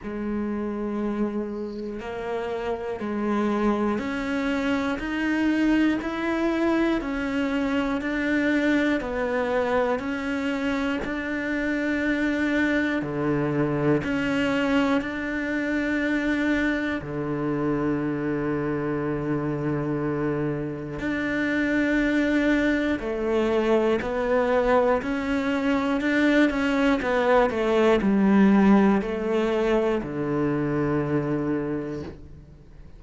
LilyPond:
\new Staff \with { instrumentName = "cello" } { \time 4/4 \tempo 4 = 60 gis2 ais4 gis4 | cis'4 dis'4 e'4 cis'4 | d'4 b4 cis'4 d'4~ | d'4 d4 cis'4 d'4~ |
d'4 d2.~ | d4 d'2 a4 | b4 cis'4 d'8 cis'8 b8 a8 | g4 a4 d2 | }